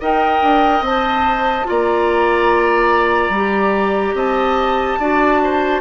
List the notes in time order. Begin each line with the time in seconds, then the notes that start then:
0.00 D#4 A#4 D#5 G5
0.42 D4
0.80 C4 A5
0.87 C5
1.65 A#3 F4 D5 A#5
3.29 G3 G4
4.14 C4 D#5 A5
4.99 D4 F#4 D5
5.43 C5